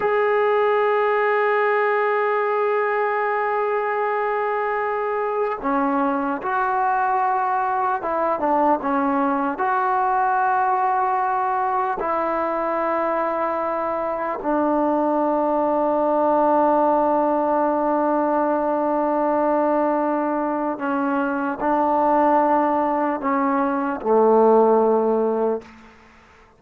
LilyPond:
\new Staff \with { instrumentName = "trombone" } { \time 4/4 \tempo 4 = 75 gis'1~ | gis'2. cis'4 | fis'2 e'8 d'8 cis'4 | fis'2. e'4~ |
e'2 d'2~ | d'1~ | d'2 cis'4 d'4~ | d'4 cis'4 a2 | }